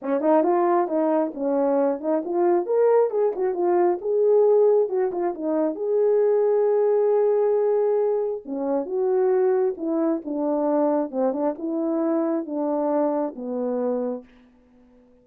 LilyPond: \new Staff \with { instrumentName = "horn" } { \time 4/4 \tempo 4 = 135 cis'8 dis'8 f'4 dis'4 cis'4~ | cis'8 dis'8 f'4 ais'4 gis'8 fis'8 | f'4 gis'2 fis'8 f'8 | dis'4 gis'2.~ |
gis'2. cis'4 | fis'2 e'4 d'4~ | d'4 c'8 d'8 e'2 | d'2 b2 | }